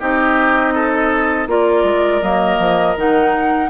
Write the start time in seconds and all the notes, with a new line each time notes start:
0.00 C4 D#4 G4 D#5
0.74 A4
1.47 A#3 F4 A#4 D5
1.84 G#3
2.22 F#3 A#3 D#5
2.59 F3
2.96 D#3 D#4 F#5